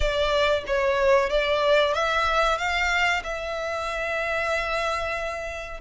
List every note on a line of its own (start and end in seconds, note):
0.00 0.64 D5
0.67 1.29 C#5
1.29 1.94 D5
1.94 2.58 E5
2.58 3.22 F5
3.23 5.80 E5